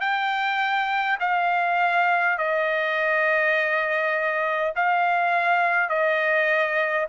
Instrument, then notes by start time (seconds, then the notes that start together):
trumpet
0.00 G5
1.20 F5
2.37 D#5
4.75 F5
5.89 D#5